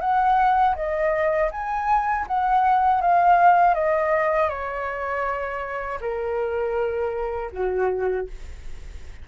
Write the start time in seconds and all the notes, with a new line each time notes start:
0.00 F#5
0.75 D#5
1.51 G#5
2.27 F#5
3.01 F5
3.74 D#5
4.49 C#5
6.00 A#4
7.52 F#4